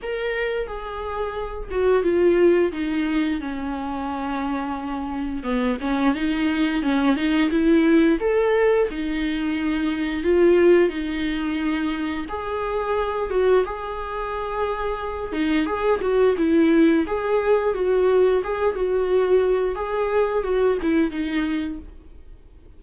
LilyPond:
\new Staff \with { instrumentName = "viola" } { \time 4/4 \tempo 4 = 88 ais'4 gis'4. fis'8 f'4 | dis'4 cis'2. | b8 cis'8 dis'4 cis'8 dis'8 e'4 | a'4 dis'2 f'4 |
dis'2 gis'4. fis'8 | gis'2~ gis'8 dis'8 gis'8 fis'8 | e'4 gis'4 fis'4 gis'8 fis'8~ | fis'4 gis'4 fis'8 e'8 dis'4 | }